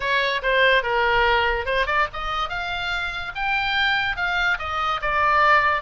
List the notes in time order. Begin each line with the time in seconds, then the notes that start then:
0.00 C#5
0.42 C5
0.82 A#4
1.65 C5
1.86 D5
2.13 D#5
2.49 F5
3.35 G5
4.16 F5
4.59 D#5
5.01 D5